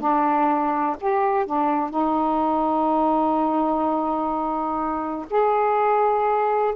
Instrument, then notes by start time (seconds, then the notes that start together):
saxophone
0.00 D4
1.00 G4
1.46 D4
1.89 D#4
5.30 G#4